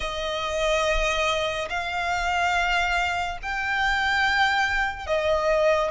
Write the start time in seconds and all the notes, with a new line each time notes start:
0.00 D#5
1.69 F5
3.42 G5
5.06 D#5